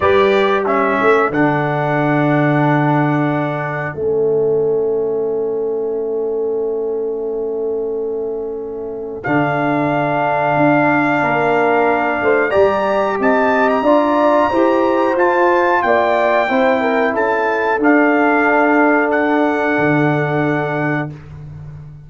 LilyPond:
<<
  \new Staff \with { instrumentName = "trumpet" } { \time 4/4 \tempo 4 = 91 d''4 e''4 fis''2~ | fis''2 e''2~ | e''1~ | e''2 f''2~ |
f''2. ais''4 | a''8. ais''2~ ais''16 a''4 | g''2 a''4 f''4~ | f''4 fis''2. | }
  \new Staff \with { instrumentName = "horn" } { \time 4/4 b'4 a'2.~ | a'1~ | a'1~ | a'1~ |
a'4 ais'4. c''8 d''4 | dis''4 d''4 c''2 | d''4 c''8 ais'8 a'2~ | a'1 | }
  \new Staff \with { instrumentName = "trombone" } { \time 4/4 g'4 cis'4 d'2~ | d'2 cis'2~ | cis'1~ | cis'2 d'2~ |
d'2. g'4~ | g'4 f'4 g'4 f'4~ | f'4 e'2 d'4~ | d'1 | }
  \new Staff \with { instrumentName = "tuba" } { \time 4/4 g4. a8 d2~ | d2 a2~ | a1~ | a2 d2 |
d'4 ais4. a8 g4 | c'4 d'4 e'4 f'4 | ais4 c'4 cis'4 d'4~ | d'2 d2 | }
>>